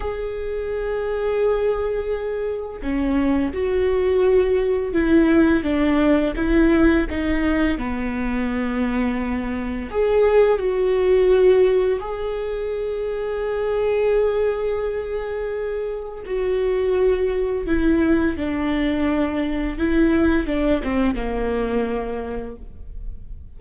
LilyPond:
\new Staff \with { instrumentName = "viola" } { \time 4/4 \tempo 4 = 85 gis'1 | cis'4 fis'2 e'4 | d'4 e'4 dis'4 b4~ | b2 gis'4 fis'4~ |
fis'4 gis'2.~ | gis'2. fis'4~ | fis'4 e'4 d'2 | e'4 d'8 c'8 ais2 | }